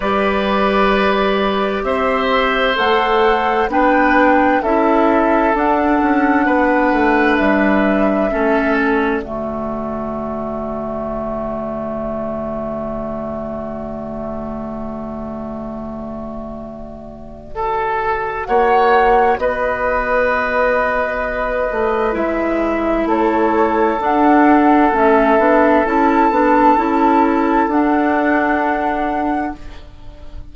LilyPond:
<<
  \new Staff \with { instrumentName = "flute" } { \time 4/4 \tempo 4 = 65 d''2 e''4 fis''4 | g''4 e''4 fis''2 | e''4. d''2~ d''8~ | d''1~ |
d''1 | fis''4 dis''2. | e''4 cis''4 fis''4 e''4 | a''2 fis''2 | }
  \new Staff \with { instrumentName = "oboe" } { \time 4/4 b'2 c''2 | b'4 a'2 b'4~ | b'4 a'4 fis'2~ | fis'1~ |
fis'2. a'4 | cis''4 b'2.~ | b'4 a'2.~ | a'1 | }
  \new Staff \with { instrumentName = "clarinet" } { \time 4/4 g'2. a'4 | d'4 e'4 d'2~ | d'4 cis'4 a2~ | a1~ |
a2. fis'4~ | fis'1 | e'2 d'4 cis'8 d'8 | e'8 d'8 e'4 d'2 | }
  \new Staff \with { instrumentName = "bassoon" } { \time 4/4 g2 c'4 a4 | b4 cis'4 d'8 cis'8 b8 a8 | g4 a4 d2~ | d1~ |
d1 | ais4 b2~ b8 a8 | gis4 a4 d'4 a8 b8 | cis'8 b8 cis'4 d'2 | }
>>